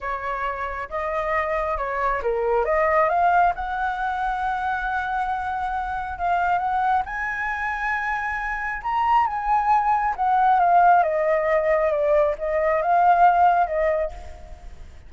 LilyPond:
\new Staff \with { instrumentName = "flute" } { \time 4/4 \tempo 4 = 136 cis''2 dis''2 | cis''4 ais'4 dis''4 f''4 | fis''1~ | fis''2 f''4 fis''4 |
gis''1 | ais''4 gis''2 fis''4 | f''4 dis''2 d''4 | dis''4 f''2 dis''4 | }